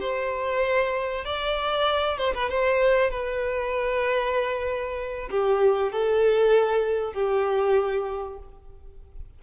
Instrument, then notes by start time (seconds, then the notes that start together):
violin
0.00 C5
1.24 D5
2.18 C5
2.34 B4
2.49 C5
3.10 B4
5.30 G4
5.92 A4
7.13 G4